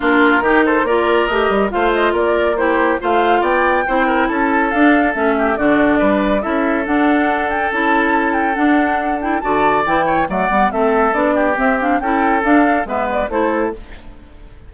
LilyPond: <<
  \new Staff \with { instrumentName = "flute" } { \time 4/4 \tempo 4 = 140 ais'4. c''8 d''4 dis''4 | f''8 dis''8 d''4 c''4 f''4 | g''2 a''4 f''4 | e''4 d''2 e''4 |
fis''4. g''8 a''4. g''8 | fis''4. g''8 a''4 g''4 | fis''4 e''4 d''4 e''8 f''8 | g''4 f''4 e''8 d''8 c''4 | }
  \new Staff \with { instrumentName = "oboe" } { \time 4/4 f'4 g'8 a'8 ais'2 | c''4 ais'4 g'4 c''4 | d''4 c''8 ais'8 a'2~ | a'8 g'8 fis'4 b'4 a'4~ |
a'1~ | a'2 d''4. cis''8 | d''4 a'4. g'4. | a'2 b'4 a'4 | }
  \new Staff \with { instrumentName = "clarinet" } { \time 4/4 d'4 dis'4 f'4 g'4 | f'2 e'4 f'4~ | f'4 e'2 d'4 | cis'4 d'2 e'4 |
d'2 e'2 | d'4. e'8 fis'4 e'4 | a8 b8 c'4 d'4 c'8 d'8 | e'4 d'4 b4 e'4 | }
  \new Staff \with { instrumentName = "bassoon" } { \time 4/4 ais4 dis4 ais4 a8 g8 | a4 ais2 a4 | b4 c'4 cis'4 d'4 | a4 d4 g4 cis'4 |
d'2 cis'2 | d'2 d4 e4 | fis8 g8 a4 b4 c'4 | cis'4 d'4 gis4 a4 | }
>>